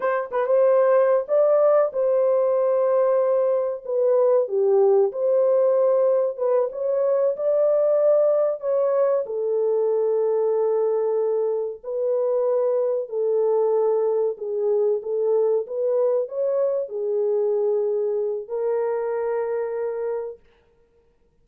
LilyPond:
\new Staff \with { instrumentName = "horn" } { \time 4/4 \tempo 4 = 94 c''8 b'16 c''4~ c''16 d''4 c''4~ | c''2 b'4 g'4 | c''2 b'8 cis''4 d''8~ | d''4. cis''4 a'4.~ |
a'2~ a'8 b'4.~ | b'8 a'2 gis'4 a'8~ | a'8 b'4 cis''4 gis'4.~ | gis'4 ais'2. | }